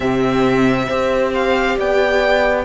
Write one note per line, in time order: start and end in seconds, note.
0.00 0.87 C3
0.00 0.87 C4
0.00 0.86 G4
0.00 1.33 E5
0.86 1.77 C4
0.86 2.64 G4
0.86 1.75 C5
1.34 1.78 F5
1.77 2.64 B3
1.77 2.64 D5
1.77 2.64 G5